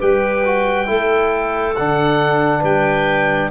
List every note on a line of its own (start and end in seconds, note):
0.00 0.90 G3
0.00 0.44 G4
0.00 0.88 B4
0.00 1.76 G5
0.46 0.86 F#4
0.86 1.79 A3
0.86 1.74 E4
0.86 2.60 A4
1.76 2.63 D3
1.76 3.52 D4
1.76 2.64 F#5
2.60 3.51 G3
2.60 3.49 B4
2.60 3.52 G5